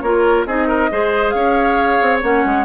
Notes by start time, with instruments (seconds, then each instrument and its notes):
0.00 bassoon A#3, clarinet F4, oboe A#4, flute C#5
0.45 bassoon C4, clarinet D#4, oboe G#4, flute D#5
0.67 oboe A#4
0.90 bassoon G#3, clarinet G#4, oboe C5
1.30 bassoon C#4, oboe C#5, flute F5
2.01 bassoon C4
2.22 bassoon A#3, clarinet C#4, flute F#5
2.44 bassoon G#3